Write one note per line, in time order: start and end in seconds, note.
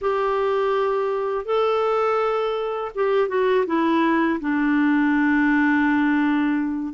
0.01 1.45 G4
1.45 2.91 A4
2.95 3.28 G4
3.28 3.65 F#4
3.66 4.39 E4
4.40 6.93 D4